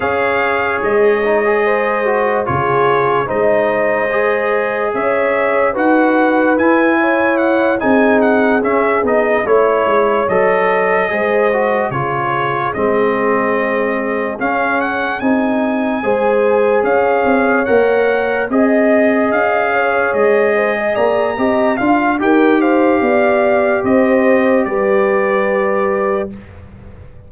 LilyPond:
<<
  \new Staff \with { instrumentName = "trumpet" } { \time 4/4 \tempo 4 = 73 f''4 dis''2 cis''4 | dis''2 e''4 fis''4 | gis''4 fis''8 gis''8 fis''8 e''8 dis''8 cis''8~ | cis''8 dis''2 cis''4 dis''8~ |
dis''4. f''8 fis''8 gis''4.~ | gis''8 f''4 fis''4 dis''4 f''8~ | f''8 dis''4 ais''4 f''8 g''8 f''8~ | f''4 dis''4 d''2 | }
  \new Staff \with { instrumentName = "horn" } { \time 4/4 cis''2 c''4 gis'4 | c''2 cis''4 b'4~ | b'8 cis''4 gis'2 cis''8~ | cis''4. c''4 gis'4.~ |
gis'2.~ gis'8 c''8~ | c''8 cis''2 dis''4. | cis''4 c''16 dis''16 d''8 dis''8 f''8 ais'8 c''8 | d''4 c''4 b'2 | }
  \new Staff \with { instrumentName = "trombone" } { \time 4/4 gis'4. dis'16 gis'8. fis'8 f'4 | dis'4 gis'2 fis'4 | e'4. dis'4 cis'8 dis'8 e'8~ | e'8 a'4 gis'8 fis'8 f'4 c'8~ |
c'4. cis'4 dis'4 gis'8~ | gis'4. ais'4 gis'4.~ | gis'2 g'8 f'8 g'4~ | g'1 | }
  \new Staff \with { instrumentName = "tuba" } { \time 4/4 cis'4 gis2 cis4 | gis2 cis'4 dis'4 | e'4. c'4 cis'8 b8 a8 | gis8 fis4 gis4 cis4 gis8~ |
gis4. cis'4 c'4 gis8~ | gis8 cis'8 c'8 ais4 c'4 cis'8~ | cis'8 gis4 ais8 c'8 d'8 dis'4 | b4 c'4 g2 | }
>>